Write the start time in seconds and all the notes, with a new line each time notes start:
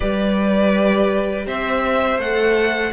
0.00 G3 G4 B4 D5
1.46 C4 C5 E5
2.18 A3 A4 F#5